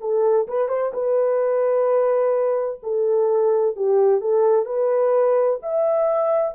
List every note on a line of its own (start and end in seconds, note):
0.00 0.47 A4
0.47 0.68 B4
0.68 0.92 C5
0.93 2.80 B4
2.83 3.76 A4
3.76 4.21 G4
4.21 4.66 A4
4.66 5.60 B4
5.62 6.55 E5